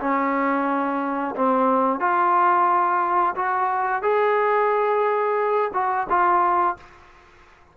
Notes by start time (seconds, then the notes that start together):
0.00 C#4
1.35 C4
2.00 F4
3.36 F#4
4.02 G#4
5.73 F#4
6.09 F4